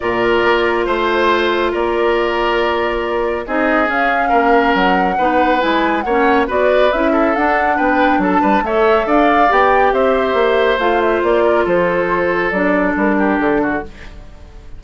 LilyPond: <<
  \new Staff \with { instrumentName = "flute" } { \time 4/4 \tempo 4 = 139 d''2 c''2 | d''1 | dis''4 f''2 fis''4~ | fis''4 gis''4 fis''4 d''4 |
e''4 fis''4 g''4 a''4 | e''4 f''4 g''4 e''4~ | e''4 f''8 e''8 d''4 c''4~ | c''4 d''4 ais'4 a'4 | }
  \new Staff \with { instrumentName = "oboe" } { \time 4/4 ais'2 c''2 | ais'1 | gis'2 ais'2 | b'2 cis''4 b'4~ |
b'8 a'4. b'4 a'8 b'8 | cis''4 d''2 c''4~ | c''2~ c''8 ais'8 a'4~ | a'2~ a'8 g'4 fis'8 | }
  \new Staff \with { instrumentName = "clarinet" } { \time 4/4 f'1~ | f'1 | dis'4 cis'2. | dis'4 e'4 cis'4 fis'4 |
e'4 d'2. | a'2 g'2~ | g'4 f'2.~ | f'4 d'2. | }
  \new Staff \with { instrumentName = "bassoon" } { \time 4/4 ais,4 ais4 a2 | ais1 | c'4 cis'4 ais4 fis4 | b4 gis4 ais4 b4 |
cis'4 d'4 b4 fis8 g8 | a4 d'4 b4 c'4 | ais4 a4 ais4 f4~ | f4 fis4 g4 d4 | }
>>